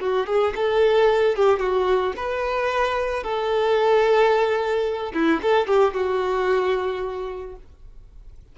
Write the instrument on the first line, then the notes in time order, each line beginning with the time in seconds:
violin
0.00 F#4
0.27 G#4
0.55 A4
1.36 G4
1.59 F#4
2.16 B4
3.23 A4
5.14 E4
5.42 A4
5.67 G4
5.94 F#4